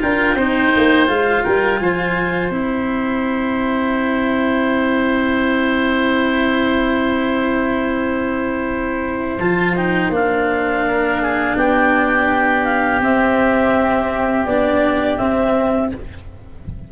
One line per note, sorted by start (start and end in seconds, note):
0.00 0.34 D4
0.00 0.36 F4
0.00 0.37 A#4
0.00 1.09 G5
0.34 0.71 C4
0.34 1.07 D#4
0.34 1.44 C5
0.76 1.08 A#3
1.07 1.44 G#3
1.07 2.51 F4
1.07 1.44 F5
1.44 1.80 G3
1.44 1.80 A#4
1.44 1.79 G5
1.79 2.50 F3
1.79 10.86 C5
1.79 2.50 G#5
2.50 9.37 C4
2.50 9.39 E4
2.50 9.37 G5
9.39 10.09 F3
9.39 9.76 F4
9.39 9.75 A5
9.76 10.12 D#4
9.76 10.12 G5
10.09 11.54 A#3
10.09 13.02 D4
10.09 11.57 F5
10.87 11.22 A#4
11.22 11.57 G#4
11.56 13.00 B3
11.56 15.91 G4
11.56 12.64 G5
12.64 13.00 F5
13.00 14.45 C4
13.00 14.47 C4
13.00 14.46 E5
14.45 15.18 B3
14.45 15.19 D4
14.45 15.17 D5
15.17 15.91 C4
15.17 15.92 C4
15.17 15.90 E5